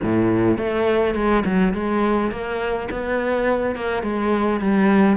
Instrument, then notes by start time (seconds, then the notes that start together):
cello
0.03 A2
0.57 A3
1.14 G#3
1.45 F#3
1.73 G#3
2.31 A#3
2.90 B3
3.75 A#3
4.03 G#3
4.60 G3